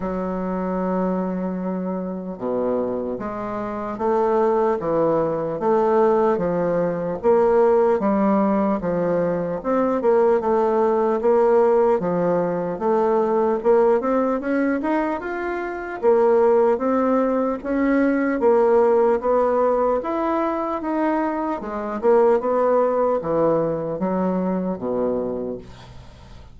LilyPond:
\new Staff \with { instrumentName = "bassoon" } { \time 4/4 \tempo 4 = 75 fis2. b,4 | gis4 a4 e4 a4 | f4 ais4 g4 f4 | c'8 ais8 a4 ais4 f4 |
a4 ais8 c'8 cis'8 dis'8 f'4 | ais4 c'4 cis'4 ais4 | b4 e'4 dis'4 gis8 ais8 | b4 e4 fis4 b,4 | }